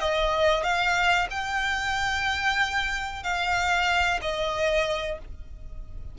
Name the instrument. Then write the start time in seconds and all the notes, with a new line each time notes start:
violin
0.00 D#5
0.63 F5
1.30 G5
3.23 F5
4.21 D#5